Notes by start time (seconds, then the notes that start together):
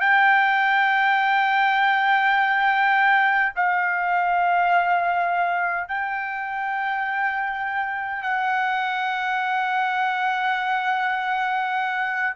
0.00 G5
3.56 F5
5.88 G5
8.22 F#5